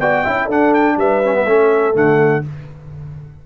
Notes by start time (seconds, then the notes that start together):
0.00 B3 F#4 D5 G5
0.23 C#4 E4 E5
0.46 D4 A4 F#5
0.74 G5
0.97 G3 B4 E5
1.24 C#4
1.34 B3
1.45 A3 C#4 A4
1.93 D3 A3 F#5